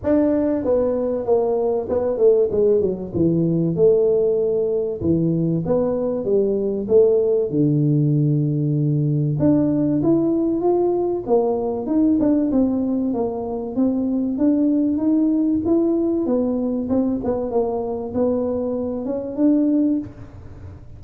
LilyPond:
\new Staff \with { instrumentName = "tuba" } { \time 4/4 \tempo 4 = 96 d'4 b4 ais4 b8 a8 | gis8 fis8 e4 a2 | e4 b4 g4 a4 | d2. d'4 |
e'4 f'4 ais4 dis'8 d'8 | c'4 ais4 c'4 d'4 | dis'4 e'4 b4 c'8 b8 | ais4 b4. cis'8 d'4 | }